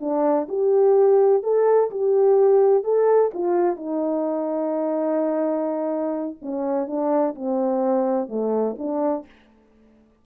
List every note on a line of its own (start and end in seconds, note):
0.00 0.47 D4
0.48 1.43 G4
1.43 1.90 A4
1.90 2.84 G4
2.84 3.31 A4
3.34 3.76 F4
3.76 6.36 D#4
6.42 6.87 C#4
6.87 7.34 D4
7.35 8.29 C4
8.29 8.76 A3
8.78 9.25 D4